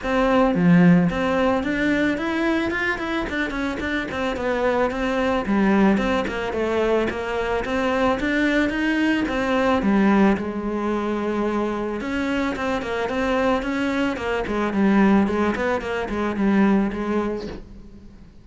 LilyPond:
\new Staff \with { instrumentName = "cello" } { \time 4/4 \tempo 4 = 110 c'4 f4 c'4 d'4 | e'4 f'8 e'8 d'8 cis'8 d'8 c'8 | b4 c'4 g4 c'8 ais8 | a4 ais4 c'4 d'4 |
dis'4 c'4 g4 gis4~ | gis2 cis'4 c'8 ais8 | c'4 cis'4 ais8 gis8 g4 | gis8 b8 ais8 gis8 g4 gis4 | }